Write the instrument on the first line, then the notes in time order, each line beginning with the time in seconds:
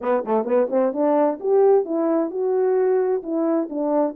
horn
0.01 B3
0.25 A3
0.44 B3
0.69 C4
0.93 D4
1.40 G4
1.85 E4
2.30 F#4
3.22 E4
3.69 D4